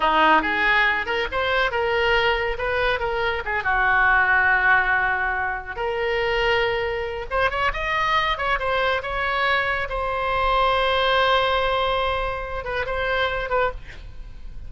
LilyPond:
\new Staff \with { instrumentName = "oboe" } { \time 4/4 \tempo 4 = 140 dis'4 gis'4. ais'8 c''4 | ais'2 b'4 ais'4 | gis'8 fis'2.~ fis'8~ | fis'4. ais'2~ ais'8~ |
ais'4 c''8 cis''8 dis''4. cis''8 | c''4 cis''2 c''4~ | c''1~ | c''4. b'8 c''4. b'8 | }